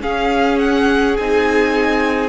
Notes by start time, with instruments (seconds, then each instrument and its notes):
0.00 viola C#4, cello C#4, violin G#4 F5
0.58 violin F#5
1.16 cello C4, viola D#4, violin G#5